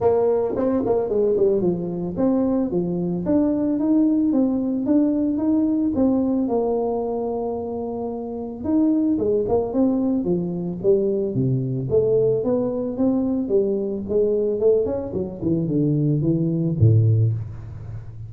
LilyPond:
\new Staff \with { instrumentName = "tuba" } { \time 4/4 \tempo 4 = 111 ais4 c'8 ais8 gis8 g8 f4 | c'4 f4 d'4 dis'4 | c'4 d'4 dis'4 c'4 | ais1 |
dis'4 gis8 ais8 c'4 f4 | g4 c4 a4 b4 | c'4 g4 gis4 a8 cis'8 | fis8 e8 d4 e4 a,4 | }